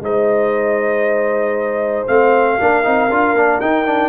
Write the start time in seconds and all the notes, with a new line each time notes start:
0.00 G#3 D#4 C5 D#5
2.07 A3 C4 F5
2.59 A#3 D4 A#4
2.83 C4 D#4
3.10 D4 F4
3.33 A#3 D4
3.60 D#4 G5
3.85 D4